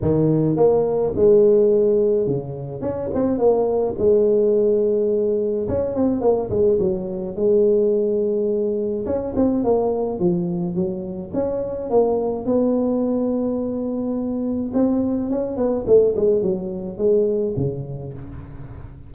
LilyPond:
\new Staff \with { instrumentName = "tuba" } { \time 4/4 \tempo 4 = 106 dis4 ais4 gis2 | cis4 cis'8 c'8 ais4 gis4~ | gis2 cis'8 c'8 ais8 gis8 | fis4 gis2. |
cis'8 c'8 ais4 f4 fis4 | cis'4 ais4 b2~ | b2 c'4 cis'8 b8 | a8 gis8 fis4 gis4 cis4 | }